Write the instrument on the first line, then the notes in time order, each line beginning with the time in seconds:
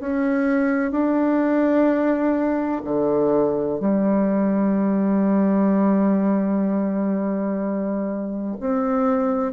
bassoon
0.00 C#4
0.91 D4
2.84 D3
3.80 G3
8.60 C4